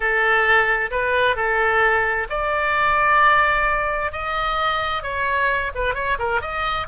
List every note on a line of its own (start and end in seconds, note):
0.00 0.90 A4
0.90 1.36 B4
1.36 2.27 A4
2.29 4.11 D5
4.11 5.02 D#5
5.02 5.71 C#5
5.74 5.94 B4
5.94 6.17 C#5
6.18 6.41 A#4
6.41 6.87 D#5